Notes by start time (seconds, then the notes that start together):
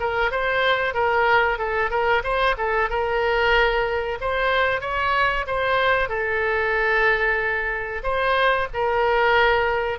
0.00 A#4
0.31 C5
0.94 A#4
1.58 A4
1.90 A#4
2.23 C5
2.57 A4
2.89 A#4
4.21 C5
4.81 C#5
5.47 C5
6.09 A4
8.03 C5
8.74 A#4